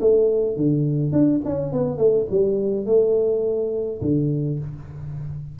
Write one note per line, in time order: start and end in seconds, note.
0.00 0.56 A3
0.56 1.12 D3
1.12 1.41 D4
1.44 1.72 C#4
1.72 1.97 B3
1.97 2.26 A3
2.30 2.85 G3
2.85 4.01 A3
4.01 4.59 D3